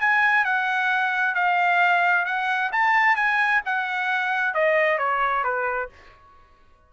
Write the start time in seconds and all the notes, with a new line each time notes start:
0.00 G#5
0.44 F#5
1.34 F5
2.25 F#5
2.72 A5
3.15 G#5
3.65 F#5
4.54 D#5
4.98 C#5
5.43 B4